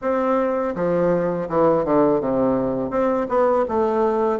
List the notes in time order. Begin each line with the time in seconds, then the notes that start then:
0.01 C4
0.75 F3
1.48 E3
1.85 D3
2.20 C3
2.90 C4
3.28 B3
3.68 A3